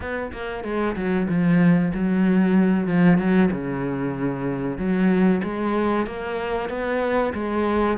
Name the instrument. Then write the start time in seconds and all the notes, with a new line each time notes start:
cello
0.00 B3
0.32 A#3
0.64 G#3
0.95 F#3
1.28 F3
1.94 F#3
2.87 F3
3.17 F#3
3.51 C#3
4.78 F#3
5.43 G#3
6.06 A#3
6.69 B3
7.33 G#3